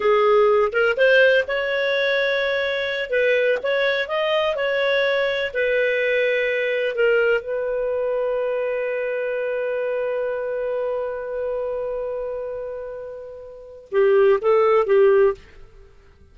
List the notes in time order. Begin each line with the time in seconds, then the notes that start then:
0.00 G#4
0.72 A#4
0.96 C5
1.47 C#5
3.10 B4
3.62 C#5
4.08 D#5
4.55 C#5
5.53 B4
6.95 A#4
7.41 B4
13.91 G4
14.41 A4
14.86 G4